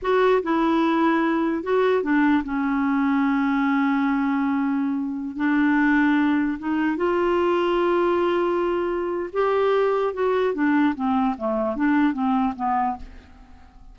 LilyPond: \new Staff \with { instrumentName = "clarinet" } { \time 4/4 \tempo 4 = 148 fis'4 e'2. | fis'4 d'4 cis'2~ | cis'1~ | cis'4~ cis'16 d'2~ d'8.~ |
d'16 dis'4 f'2~ f'8.~ | f'2. g'4~ | g'4 fis'4 d'4 c'4 | a4 d'4 c'4 b4 | }